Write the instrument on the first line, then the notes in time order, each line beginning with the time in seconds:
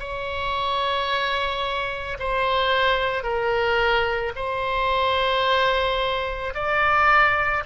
oboe
0.00 C#5
2.20 C5
3.24 A#4
4.36 C5
6.55 D5